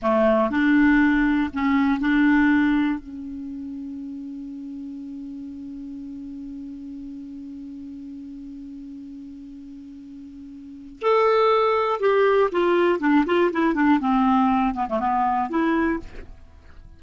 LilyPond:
\new Staff \with { instrumentName = "clarinet" } { \time 4/4 \tempo 4 = 120 a4 d'2 cis'4 | d'2 cis'2~ | cis'1~ | cis'1~ |
cis'1~ | cis'2 a'2 | g'4 f'4 d'8 f'8 e'8 d'8 | c'4. b16 a16 b4 e'4 | }